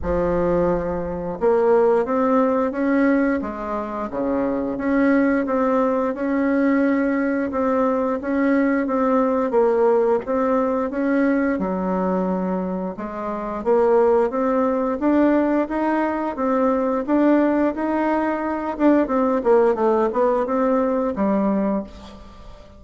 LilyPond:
\new Staff \with { instrumentName = "bassoon" } { \time 4/4 \tempo 4 = 88 f2 ais4 c'4 | cis'4 gis4 cis4 cis'4 | c'4 cis'2 c'4 | cis'4 c'4 ais4 c'4 |
cis'4 fis2 gis4 | ais4 c'4 d'4 dis'4 | c'4 d'4 dis'4. d'8 | c'8 ais8 a8 b8 c'4 g4 | }